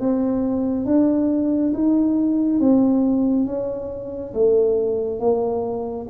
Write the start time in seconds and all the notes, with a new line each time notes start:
0.00 C4
0.86 D4
1.74 D#4
2.60 C4
3.46 C#4
4.34 A3
5.20 A#3